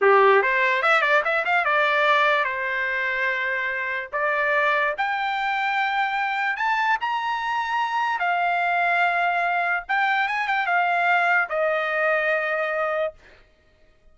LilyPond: \new Staff \with { instrumentName = "trumpet" } { \time 4/4 \tempo 4 = 146 g'4 c''4 e''8 d''8 e''8 f''8 | d''2 c''2~ | c''2 d''2 | g''1 |
a''4 ais''2. | f''1 | g''4 gis''8 g''8 f''2 | dis''1 | }